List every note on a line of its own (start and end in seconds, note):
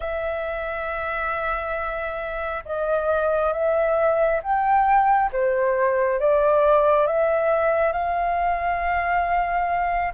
0.00 2.64 E5
2.65 3.53 D#5
3.53 4.41 E5
4.42 5.31 G5
5.32 6.19 C5
6.19 7.06 D5
7.06 7.92 E5
7.92 10.12 F5